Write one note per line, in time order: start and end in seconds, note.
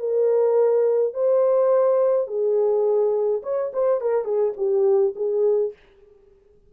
0.00 1.14 A#4
1.14 2.28 C5
2.28 3.42 G#4
3.43 3.72 C#5
3.74 4.01 C5
4.01 4.25 A#4
4.25 4.53 G#4
4.57 5.14 G4
5.16 5.73 G#4